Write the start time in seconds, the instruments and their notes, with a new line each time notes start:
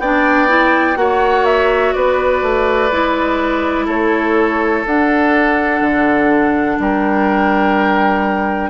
0.00 bassoon B3, clarinet D4, oboe D5, flute G5
0.49 clarinet E4
0.96 bassoon A#3, clarinet F#4, oboe C#5, flute F#5
1.45 flute E5
1.94 bassoon B3, oboe B4, flute D5
2.43 bassoon A3
2.92 bassoon G#3, clarinet E4
3.86 bassoon A3, oboe A4, flute C#5
4.85 bassoon D4, clarinet D4, flute F#5
5.82 bassoon D3
6.80 bassoon G3, oboe A#4, flute G5